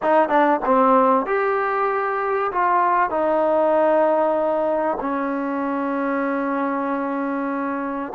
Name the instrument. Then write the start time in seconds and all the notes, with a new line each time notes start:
trombone
0.02 D#4
0.28 D4
0.65 C4
1.26 G4
2.51 F4
3.10 D#4
5.00 C#4